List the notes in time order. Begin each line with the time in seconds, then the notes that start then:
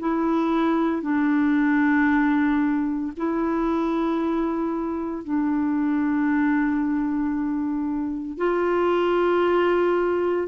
0.00 E4
1.02 D4
3.17 E4
5.24 D4
8.38 F4